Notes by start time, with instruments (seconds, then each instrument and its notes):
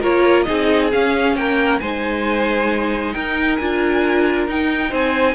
0.00 cello A#3, viola F4, violin A#4 C#5
0.43 viola D#4, violin G#4 D#5
0.49 cello C4
0.92 viola C#4, cello C#4, violin F5
1.35 cello A#3, violin A#4 G5
1.79 cello G#3, viola D#4, violin C5 G#5
3.12 cello D#4, violin A#4 G5
3.56 cello D4, viola F4, violin G#5
4.47 cello D#4, viola D#4, violin G5
4.89 cello C4, violin C5 G#5